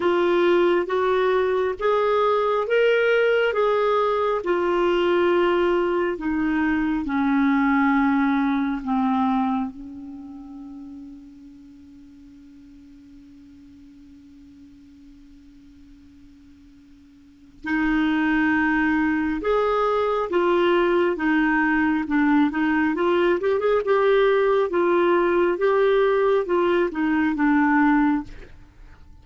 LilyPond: \new Staff \with { instrumentName = "clarinet" } { \time 4/4 \tempo 4 = 68 f'4 fis'4 gis'4 ais'4 | gis'4 f'2 dis'4 | cis'2 c'4 cis'4~ | cis'1~ |
cis'1 | dis'2 gis'4 f'4 | dis'4 d'8 dis'8 f'8 g'16 gis'16 g'4 | f'4 g'4 f'8 dis'8 d'4 | }